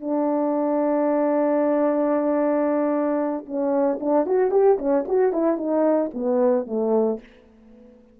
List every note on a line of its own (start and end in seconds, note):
0.00 3.45 D4
3.45 3.98 C#4
4.00 4.26 D4
4.26 4.51 F#4
4.51 4.77 G4
4.78 5.05 C#4
5.07 5.32 F#4
5.32 5.57 E4
5.57 6.10 D#4
6.13 6.67 B3
6.67 7.20 A3